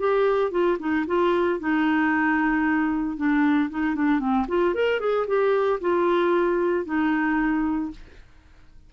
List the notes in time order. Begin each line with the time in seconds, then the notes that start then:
0.00 G4
0.52 F4
0.80 D#4
1.07 F4
1.60 D#4
3.17 D4
3.71 D#4
3.96 D4
4.20 C4
4.49 F4
4.75 A#4
5.01 G#4
5.28 G4
5.82 F4
6.86 D#4